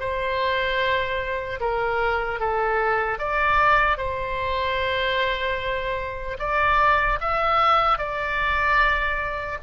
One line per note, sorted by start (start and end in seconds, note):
0.00 1.60 C5
1.60 2.40 A#4
2.40 3.19 A4
3.19 3.97 D5
3.97 6.37 C5
6.39 7.19 D5
7.21 7.98 E5
7.98 9.58 D5